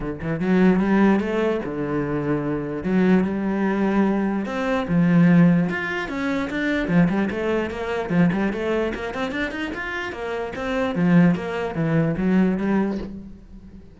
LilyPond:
\new Staff \with { instrumentName = "cello" } { \time 4/4 \tempo 4 = 148 d8 e8 fis4 g4 a4 | d2. fis4 | g2. c'4 | f2 f'4 cis'4 |
d'4 f8 g8 a4 ais4 | f8 g8 a4 ais8 c'8 d'8 dis'8 | f'4 ais4 c'4 f4 | ais4 e4 fis4 g4 | }